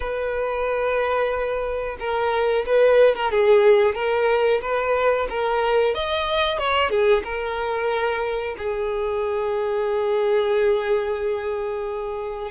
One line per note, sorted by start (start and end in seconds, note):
0.00 1.97 B4
1.99 2.65 A#4
2.66 3.15 B4
3.15 3.31 A#4
3.31 3.94 G#4
3.94 4.60 A#4
4.61 5.27 B4
5.29 5.94 A#4
5.94 6.58 D#5
6.58 6.90 C#5
6.90 7.23 G#4
7.23 8.55 A#4
8.57 12.51 G#4